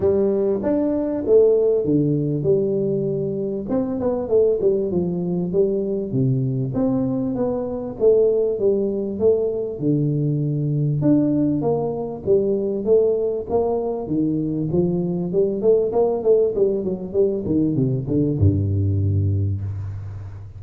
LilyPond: \new Staff \with { instrumentName = "tuba" } { \time 4/4 \tempo 4 = 98 g4 d'4 a4 d4 | g2 c'8 b8 a8 g8 | f4 g4 c4 c'4 | b4 a4 g4 a4 |
d2 d'4 ais4 | g4 a4 ais4 dis4 | f4 g8 a8 ais8 a8 g8 fis8 | g8 dis8 c8 d8 g,2 | }